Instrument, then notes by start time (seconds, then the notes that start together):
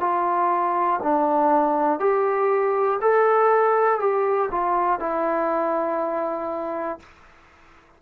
trombone
0.00 F4
1.03 D4
2.00 G4
3.01 A4
4.00 G4
4.51 F4
5.00 E4